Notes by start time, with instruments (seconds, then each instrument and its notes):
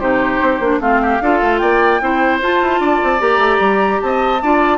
0.00 bassoon C3, clarinet D#4, oboe G4, flute C5
0.42 bassoon C4
0.60 bassoon A#3, clarinet D4
0.80 bassoon A3, clarinet C4, oboe F4, flute F5
1.03 oboe G4
1.22 bassoon D4, clarinet F4, oboe A4
1.42 bassoon A3
1.59 bassoon A#3, oboe D5, flute G5
2.01 bassoon C4, clarinet E4, oboe C5
2.42 bassoon F4, clarinet F4, flute A5
2.62 bassoon E4
2.81 bassoon D4, oboe D5
3.04 bassoon C4
3.20 bassoon A#3, clarinet G4, flute A#5
3.38 bassoon A3
3.60 bassoon G3
4.02 bassoon C4, oboe D#5, flute A5
4.43 bassoon D4, clarinet F4, oboe D5